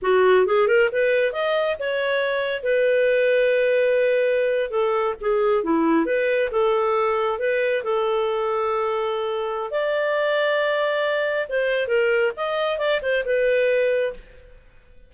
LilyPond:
\new Staff \with { instrumentName = "clarinet" } { \time 4/4 \tempo 4 = 136 fis'4 gis'8 ais'8 b'4 dis''4 | cis''2 b'2~ | b'2~ b'8. a'4 gis'16~ | gis'8. e'4 b'4 a'4~ a'16~ |
a'8. b'4 a'2~ a'16~ | a'2 d''2~ | d''2 c''4 ais'4 | dis''4 d''8 c''8 b'2 | }